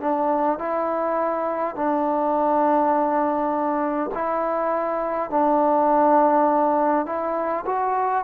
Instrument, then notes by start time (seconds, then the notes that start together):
trombone
0.00 D4
0.58 E4
1.75 D4
4.14 E4
5.30 D4
7.05 E4
7.65 F#4